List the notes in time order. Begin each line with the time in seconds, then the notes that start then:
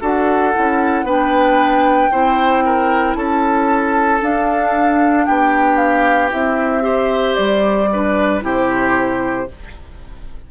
0.00 D4 F#4 A4 F#5
0.53 C#4 E4
1.03 B3 D4 B4 G5
2.11 C4 E4 C5
2.65 A#4
3.14 C#4 A4 A5
4.20 D4 F5
5.25 B3 G4 G5
5.76 F5
6.29 C4 E4 E5
6.81 G4 C5
7.34 G3 D5
7.92 D4 B4
8.41 C3 E4 G4 C5